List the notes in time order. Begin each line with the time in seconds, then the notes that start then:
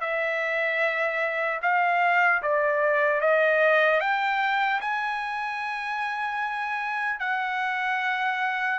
0.00 E5
1.62 F5
2.42 D5
3.20 D#5
4.00 G5
4.80 G#5
7.19 F#5